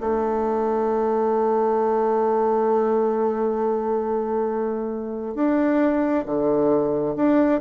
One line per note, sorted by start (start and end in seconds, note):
0.00 5.34 A3
5.34 6.24 D4
6.25 7.15 D3
7.16 7.60 D4